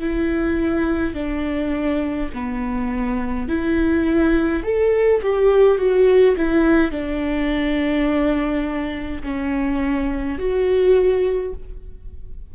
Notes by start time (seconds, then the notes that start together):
0.00 E4
1.14 D4
2.34 B3
3.48 E4
4.64 A4
5.23 G4
5.78 F#4
6.37 E4
6.91 D4
9.24 C#4
10.38 F#4